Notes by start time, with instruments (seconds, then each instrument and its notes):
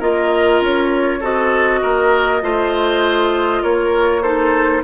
0.00 bassoon A#3, clarinet F4, oboe A#4, flute D#5
0.61 bassoon C#4, flute C#5
1.21 bassoon C4, clarinet F#4, oboe A4, flute D#5
1.82 bassoon A#3, oboe A#4
2.42 bassoon A3, clarinet F4, oboe C5
3.63 bassoon A#3, oboe A#4, flute C#5
4.22 clarinet D#4, oboe A4, flute C5